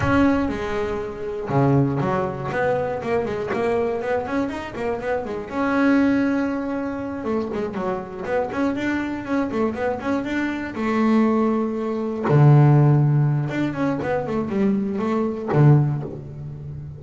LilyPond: \new Staff \with { instrumentName = "double bass" } { \time 4/4 \tempo 4 = 120 cis'4 gis2 cis4 | fis4 b4 ais8 gis8 ais4 | b8 cis'8 dis'8 ais8 b8 gis8 cis'4~ | cis'2~ cis'8 a8 gis8 fis8~ |
fis8 b8 cis'8 d'4 cis'8 a8 b8 | cis'8 d'4 a2~ a8~ | a8 d2~ d8 d'8 cis'8 | b8 a8 g4 a4 d4 | }